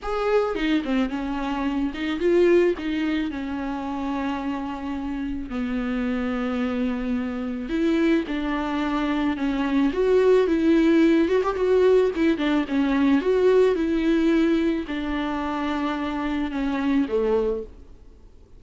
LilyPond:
\new Staff \with { instrumentName = "viola" } { \time 4/4 \tempo 4 = 109 gis'4 dis'8 c'8 cis'4. dis'8 | f'4 dis'4 cis'2~ | cis'2 b2~ | b2 e'4 d'4~ |
d'4 cis'4 fis'4 e'4~ | e'8 fis'16 g'16 fis'4 e'8 d'8 cis'4 | fis'4 e'2 d'4~ | d'2 cis'4 a4 | }